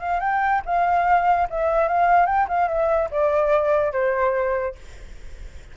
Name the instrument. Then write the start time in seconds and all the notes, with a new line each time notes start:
flute
0.00 F5
0.21 G5
0.66 F5
1.50 E5
1.89 F5
2.27 G5
2.49 F5
2.68 E5
3.11 D5
3.93 C5